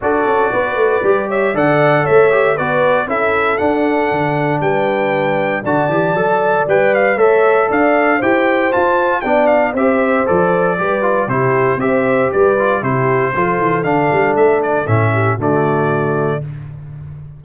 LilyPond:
<<
  \new Staff \with { instrumentName = "trumpet" } { \time 4/4 \tempo 4 = 117 d''2~ d''8 e''8 fis''4 | e''4 d''4 e''4 fis''4~ | fis''4 g''2 a''4~ | a''4 g''8 f''8 e''4 f''4 |
g''4 a''4 g''8 f''8 e''4 | d''2 c''4 e''4 | d''4 c''2 f''4 | e''8 d''8 e''4 d''2 | }
  \new Staff \with { instrumentName = "horn" } { \time 4/4 a'4 b'4. cis''8 d''4 | cis''4 b'4 a'2~ | a'4 b'2 d''4~ | d''2 cis''4 d''4 |
c''2 d''4 c''4~ | c''4 b'4 g'4 c''4 | b'4 g'4 a'2~ | a'4. g'8 fis'2 | }
  \new Staff \with { instrumentName = "trombone" } { \time 4/4 fis'2 g'4 a'4~ | a'8 g'8 fis'4 e'4 d'4~ | d'2. fis'8 g'8 | a'4 b'4 a'2 |
g'4 f'4 d'4 g'4 | a'4 g'8 f'8 e'4 g'4~ | g'8 f'8 e'4 f'4 d'4~ | d'4 cis'4 a2 | }
  \new Staff \with { instrumentName = "tuba" } { \time 4/4 d'8 cis'8 b8 a8 g4 d4 | a4 b4 cis'4 d'4 | d4 g2 d8 e8 | fis4 g4 a4 d'4 |
e'4 f'4 b4 c'4 | f4 g4 c4 c'4 | g4 c4 f8 e8 d8 g8 | a4 a,4 d2 | }
>>